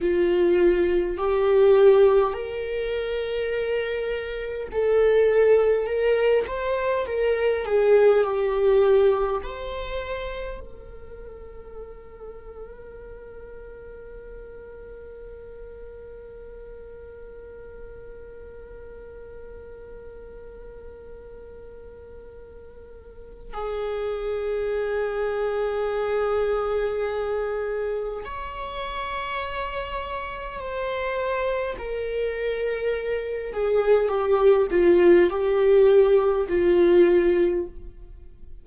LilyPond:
\new Staff \with { instrumentName = "viola" } { \time 4/4 \tempo 4 = 51 f'4 g'4 ais'2 | a'4 ais'8 c''8 ais'8 gis'8 g'4 | c''4 ais'2.~ | ais'1~ |
ais'1 | gis'1 | cis''2 c''4 ais'4~ | ais'8 gis'8 g'8 f'8 g'4 f'4 | }